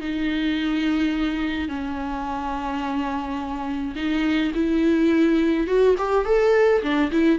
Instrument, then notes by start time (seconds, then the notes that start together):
viola
0.00 D#4
1.68 C#4
3.95 D#4
4.54 E4
5.67 F#4
5.98 G4
6.25 A4
6.82 D4
7.11 E4